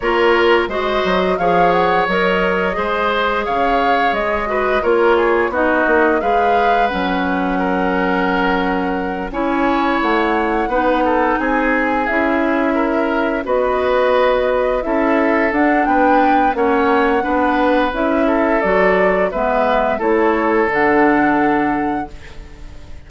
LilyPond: <<
  \new Staff \with { instrumentName = "flute" } { \time 4/4 \tempo 4 = 87 cis''4 dis''4 f''8 fis''8 dis''4~ | dis''4 f''4 dis''4 cis''4 | dis''4 f''4 fis''2~ | fis''4. gis''4 fis''4.~ |
fis''8 gis''4 e''2 dis''8~ | dis''4. e''4 fis''8 g''4 | fis''2 e''4 d''4 | e''4 cis''4 fis''2 | }
  \new Staff \with { instrumentName = "oboe" } { \time 4/4 ais'4 c''4 cis''2 | c''4 cis''4. b'8 ais'8 gis'8 | fis'4 b'2 ais'4~ | ais'4. cis''2 b'8 |
a'8 gis'2 ais'4 b'8~ | b'4. a'4. b'4 | cis''4 b'4. a'4. | b'4 a'2. | }
  \new Staff \with { instrumentName = "clarinet" } { \time 4/4 f'4 fis'4 gis'4 ais'4 | gis'2~ gis'8 fis'8 f'4 | dis'4 gis'4 cis'2~ | cis'4. e'2 dis'8~ |
dis'4. e'2 fis'8~ | fis'4. e'4 d'4. | cis'4 d'4 e'4 fis'4 | b4 e'4 d'2 | }
  \new Staff \with { instrumentName = "bassoon" } { \time 4/4 ais4 gis8 fis8 f4 fis4 | gis4 cis4 gis4 ais4 | b8 ais8 gis4 fis2~ | fis4. cis'4 a4 b8~ |
b8 c'4 cis'2 b8~ | b4. cis'4 d'8 b4 | ais4 b4 cis'4 fis4 | gis4 a4 d2 | }
>>